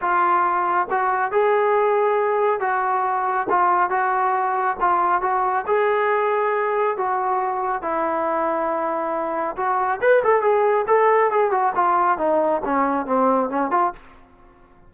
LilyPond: \new Staff \with { instrumentName = "trombone" } { \time 4/4 \tempo 4 = 138 f'2 fis'4 gis'4~ | gis'2 fis'2 | f'4 fis'2 f'4 | fis'4 gis'2. |
fis'2 e'2~ | e'2 fis'4 b'8 a'8 | gis'4 a'4 gis'8 fis'8 f'4 | dis'4 cis'4 c'4 cis'8 f'8 | }